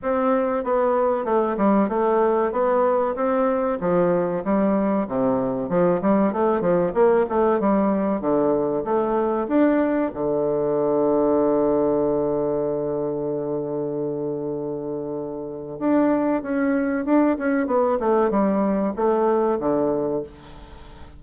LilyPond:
\new Staff \with { instrumentName = "bassoon" } { \time 4/4 \tempo 4 = 95 c'4 b4 a8 g8 a4 | b4 c'4 f4 g4 | c4 f8 g8 a8 f8 ais8 a8 | g4 d4 a4 d'4 |
d1~ | d1~ | d4 d'4 cis'4 d'8 cis'8 | b8 a8 g4 a4 d4 | }